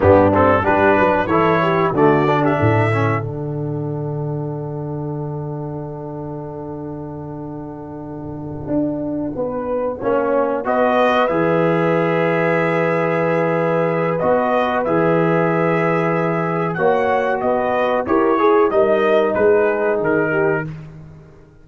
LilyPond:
<<
  \new Staff \with { instrumentName = "trumpet" } { \time 4/4 \tempo 4 = 93 g'8 a'8 b'4 cis''4 d''8. e''16~ | e''4 fis''2.~ | fis''1~ | fis''1~ |
fis''8 dis''4 e''2~ e''8~ | e''2 dis''4 e''4~ | e''2 fis''4 dis''4 | cis''4 dis''4 b'4 ais'4 | }
  \new Staff \with { instrumentName = "horn" } { \time 4/4 d'4 g'8 b'8 a'8 g'8 fis'8. g'16 | a'1~ | a'1~ | a'2~ a'8 b'4 cis''8~ |
cis''8 b'2.~ b'8~ | b'1~ | b'2 cis''4 b'4 | ais'8 gis'8 ais'4 gis'4. g'8 | }
  \new Staff \with { instrumentName = "trombone" } { \time 4/4 b8 c'8 d'4 e'4 a8 d'8~ | d'8 cis'8 d'2.~ | d'1~ | d'2.~ d'8 cis'8~ |
cis'8 fis'4 gis'2~ gis'8~ | gis'2 fis'4 gis'4~ | gis'2 fis'2 | g'8 gis'8 dis'2. | }
  \new Staff \with { instrumentName = "tuba" } { \time 4/4 g,4 g8 fis8 e4 d4 | a,4 d2.~ | d1~ | d4. d'4 b4 ais8~ |
ais8 b4 e2~ e8~ | e2 b4 e4~ | e2 ais4 b4 | e'4 g4 gis4 dis4 | }
>>